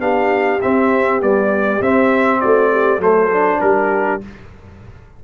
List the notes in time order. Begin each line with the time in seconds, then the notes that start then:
0.00 B3 D4 G4 F5
0.62 C4 E5
1.21 G3 B3 D5
1.81 C4 E5
2.41 A3 F#4 D5
2.72 G4
2.99 F#3 A3 A4 C5
3.31 D4
3.61 G3 G4 A#4